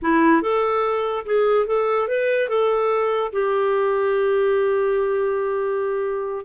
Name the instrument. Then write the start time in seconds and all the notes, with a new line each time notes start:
clarinet
0.02 E4
0.41 A4
1.25 G#4
1.66 A4
2.08 B4
2.48 A4
3.32 G4